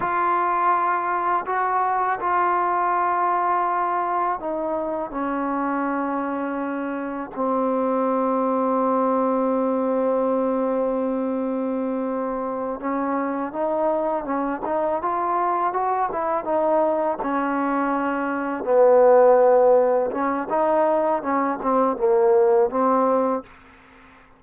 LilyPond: \new Staff \with { instrumentName = "trombone" } { \time 4/4 \tempo 4 = 82 f'2 fis'4 f'4~ | f'2 dis'4 cis'4~ | cis'2 c'2~ | c'1~ |
c'4. cis'4 dis'4 cis'8 | dis'8 f'4 fis'8 e'8 dis'4 cis'8~ | cis'4. b2 cis'8 | dis'4 cis'8 c'8 ais4 c'4 | }